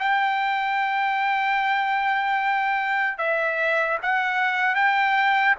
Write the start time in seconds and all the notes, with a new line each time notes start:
0.00 G5
3.19 E5
4.03 F#5
4.76 G5